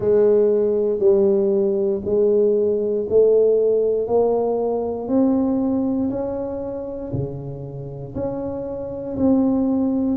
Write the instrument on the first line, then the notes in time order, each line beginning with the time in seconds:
tuba
0.00 G#3
0.99 G3
2.04 G#3
3.09 A3
4.07 A#3
5.08 C4
6.10 C#4
7.12 C#3
8.14 C#4
9.17 C4